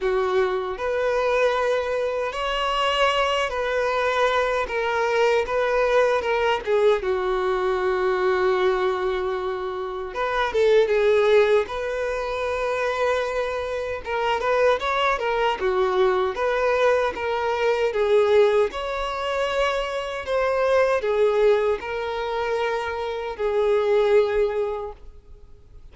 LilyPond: \new Staff \with { instrumentName = "violin" } { \time 4/4 \tempo 4 = 77 fis'4 b'2 cis''4~ | cis''8 b'4. ais'4 b'4 | ais'8 gis'8 fis'2.~ | fis'4 b'8 a'8 gis'4 b'4~ |
b'2 ais'8 b'8 cis''8 ais'8 | fis'4 b'4 ais'4 gis'4 | cis''2 c''4 gis'4 | ais'2 gis'2 | }